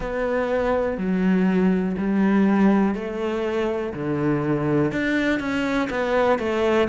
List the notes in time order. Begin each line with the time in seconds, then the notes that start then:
0.00 B3
0.97 F#3
1.97 G3
2.94 A3
3.93 D3
4.92 D4
5.39 C#4
5.90 B3
6.38 A3